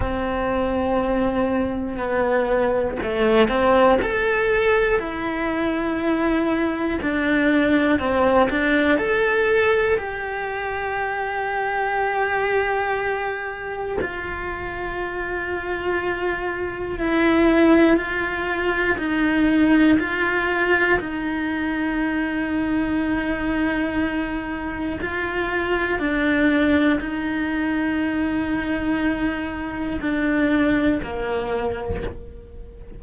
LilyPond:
\new Staff \with { instrumentName = "cello" } { \time 4/4 \tempo 4 = 60 c'2 b4 a8 c'8 | a'4 e'2 d'4 | c'8 d'8 a'4 g'2~ | g'2 f'2~ |
f'4 e'4 f'4 dis'4 | f'4 dis'2.~ | dis'4 f'4 d'4 dis'4~ | dis'2 d'4 ais4 | }